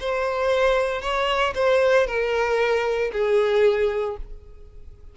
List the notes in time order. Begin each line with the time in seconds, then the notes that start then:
0.00 C5
1.02 C#5
1.55 C5
2.07 A#4
3.12 G#4